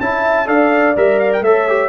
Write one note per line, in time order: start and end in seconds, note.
0.00 0.48 C#4
0.00 0.45 E4
0.00 0.47 E5
0.00 0.47 A5
0.45 0.96 D4
0.45 0.93 A4
0.45 1.43 D5
0.45 0.95 F5
0.96 1.40 G3
0.96 1.44 A#4
0.96 1.19 E5
1.19 1.31 F5
1.33 1.43 G5
1.40 1.88 A3
1.40 1.68 A4
1.40 1.88 C#5
1.40 1.88 E5
1.68 1.88 G4